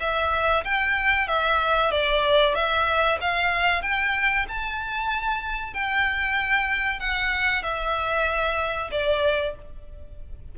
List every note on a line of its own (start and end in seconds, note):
0.00 0.64 E5
0.64 1.27 G5
1.27 1.91 E5
1.91 2.55 D5
2.55 3.19 E5
3.21 3.82 F5
3.82 4.46 G5
4.48 5.73 A5
5.73 7.00 G5
7.00 7.63 F#5
7.63 8.90 E5
8.91 9.55 D5